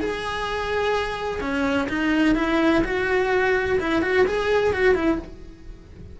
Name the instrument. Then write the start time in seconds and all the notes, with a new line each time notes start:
cello
0.00 G#4
1.40 C#4
1.89 D#4
2.35 E4
2.84 F#4
3.79 E4
4.02 F#4
4.27 G#4
4.73 F#4
4.95 E4